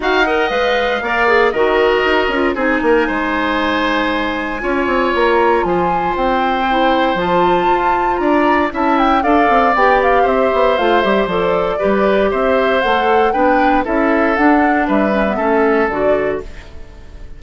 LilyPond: <<
  \new Staff \with { instrumentName = "flute" } { \time 4/4 \tempo 4 = 117 fis''4 f''2 dis''4~ | dis''4 gis''2.~ | gis''2 ais''4 gis''4 | g''2 a''2 |
ais''4 a''8 g''8 f''4 g''8 f''8 | e''4 f''8 e''8 d''2 | e''4 fis''4 g''4 e''4 | fis''4 e''2 d''4 | }
  \new Staff \with { instrumentName = "oboe" } { \time 4/4 f''8 dis''4. d''4 ais'4~ | ais'4 gis'8 ais'8 c''2~ | c''4 cis''2 c''4~ | c''1 |
d''4 e''4 d''2 | c''2. b'4 | c''2 b'4 a'4~ | a'4 b'4 a'2 | }
  \new Staff \with { instrumentName = "clarinet" } { \time 4/4 fis'8 ais'8 b'4 ais'8 gis'8 fis'4~ | fis'8 f'8 dis'2.~ | dis'4 f'2.~ | f'4 e'4 f'2~ |
f'4 e'4 a'4 g'4~ | g'4 f'8 g'8 a'4 g'4~ | g'4 a'4 d'4 e'4 | d'4. cis'16 b16 cis'4 fis'4 | }
  \new Staff \with { instrumentName = "bassoon" } { \time 4/4 dis'4 gis4 ais4 dis4 | dis'8 cis'8 c'8 ais8 gis2~ | gis4 cis'8 c'8 ais4 f4 | c'2 f4 f'4 |
d'4 cis'4 d'8 c'8 b4 | c'8 b8 a8 g8 f4 g4 | c'4 a4 b4 cis'4 | d'4 g4 a4 d4 | }
>>